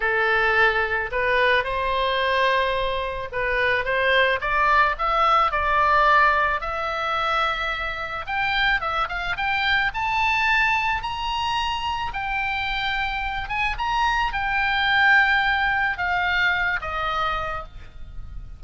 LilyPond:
\new Staff \with { instrumentName = "oboe" } { \time 4/4 \tempo 4 = 109 a'2 b'4 c''4~ | c''2 b'4 c''4 | d''4 e''4 d''2 | e''2. g''4 |
e''8 f''8 g''4 a''2 | ais''2 g''2~ | g''8 gis''8 ais''4 g''2~ | g''4 f''4. dis''4. | }